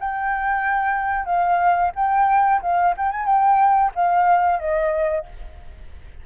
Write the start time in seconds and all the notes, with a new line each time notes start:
0.00 G5
1.26 F5
1.96 G5
2.62 F5
2.98 G5
3.12 G#5
3.26 G5
3.95 F5
4.60 D#5